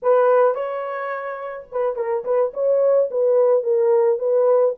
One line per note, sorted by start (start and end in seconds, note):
0.02 0.55 B4
0.55 1.67 C#5
1.71 1.95 B4
1.95 2.24 A#4
2.24 2.52 B4
2.53 3.09 C#5
3.10 3.63 B4
3.63 4.18 A#4
4.18 4.74 B4